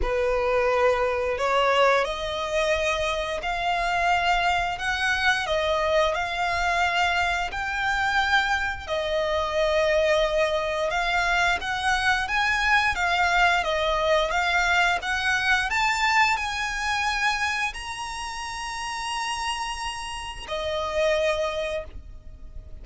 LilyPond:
\new Staff \with { instrumentName = "violin" } { \time 4/4 \tempo 4 = 88 b'2 cis''4 dis''4~ | dis''4 f''2 fis''4 | dis''4 f''2 g''4~ | g''4 dis''2. |
f''4 fis''4 gis''4 f''4 | dis''4 f''4 fis''4 a''4 | gis''2 ais''2~ | ais''2 dis''2 | }